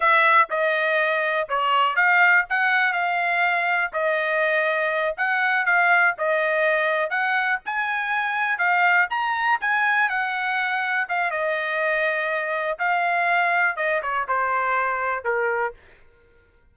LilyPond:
\new Staff \with { instrumentName = "trumpet" } { \time 4/4 \tempo 4 = 122 e''4 dis''2 cis''4 | f''4 fis''4 f''2 | dis''2~ dis''8 fis''4 f''8~ | f''8 dis''2 fis''4 gis''8~ |
gis''4. f''4 ais''4 gis''8~ | gis''8 fis''2 f''8 dis''4~ | dis''2 f''2 | dis''8 cis''8 c''2 ais'4 | }